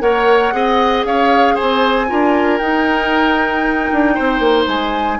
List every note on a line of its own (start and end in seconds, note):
0.00 0.52 A#3
0.00 0.52 A#4
0.00 0.53 C#5
0.00 1.03 F#5
0.52 1.04 C4
0.52 2.07 G#4
0.52 1.06 D#5
1.04 1.56 C#4
1.04 1.54 C#5
1.04 1.55 F5
1.54 2.06 C5
1.54 2.57 G#5
1.60 2.11 C4
2.07 2.60 D4
2.07 2.59 F4
2.07 4.14 A#4
2.57 3.89 D#4
2.57 5.19 D#4
2.57 4.64 G5
3.92 4.18 D4
4.14 4.39 C4
4.14 5.18 C5
4.39 4.65 A#3
4.67 5.18 G#3
4.67 5.20 G#5